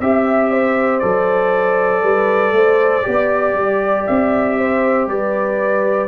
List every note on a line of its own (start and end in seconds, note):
0.00 1.02 C4
0.00 1.01 G4
0.00 0.99 E5
0.00 0.50 E5
0.50 2.03 C5
0.99 2.02 F#3
0.99 3.02 A4
0.99 4.04 D5
2.02 2.52 G3
2.02 2.53 B4
2.52 3.03 A3
2.52 3.06 C5
3.02 3.54 B3
3.02 6.07 G4
3.02 4.58 D5
3.54 4.04 G3
4.06 5.07 C4
4.06 5.08 E5
4.58 5.09 C5
5.07 6.08 G3
5.07 6.08 B4
5.07 6.08 D5